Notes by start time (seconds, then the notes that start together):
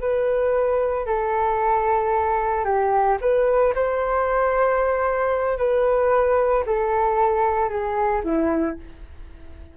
0.00 B4
1.06 A4
2.64 G4
3.21 B4
3.75 C5
5.58 B4
6.66 A4
7.69 G#4
8.23 E4